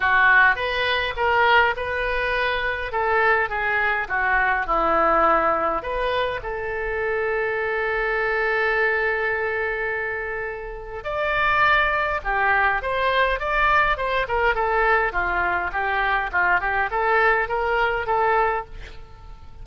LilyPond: \new Staff \with { instrumentName = "oboe" } { \time 4/4 \tempo 4 = 103 fis'4 b'4 ais'4 b'4~ | b'4 a'4 gis'4 fis'4 | e'2 b'4 a'4~ | a'1~ |
a'2. d''4~ | d''4 g'4 c''4 d''4 | c''8 ais'8 a'4 f'4 g'4 | f'8 g'8 a'4 ais'4 a'4 | }